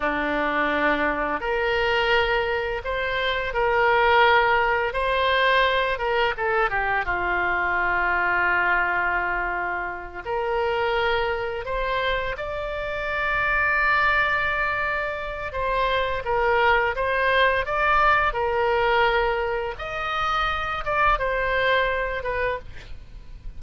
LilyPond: \new Staff \with { instrumentName = "oboe" } { \time 4/4 \tempo 4 = 85 d'2 ais'2 | c''4 ais'2 c''4~ | c''8 ais'8 a'8 g'8 f'2~ | f'2~ f'8 ais'4.~ |
ais'8 c''4 d''2~ d''8~ | d''2 c''4 ais'4 | c''4 d''4 ais'2 | dis''4. d''8 c''4. b'8 | }